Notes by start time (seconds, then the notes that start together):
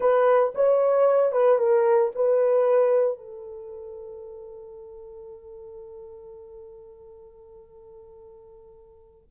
0.00 B4
0.54 C#5
1.32 B4
1.58 A#4
2.15 B4
3.17 A4